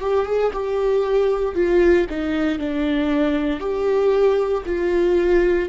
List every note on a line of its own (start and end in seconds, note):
0.00 0.25 G4
0.25 0.51 G#4
0.53 1.55 G4
1.55 2.06 F4
2.09 2.58 D#4
2.58 3.59 D4
3.59 4.63 G4
4.66 5.68 F4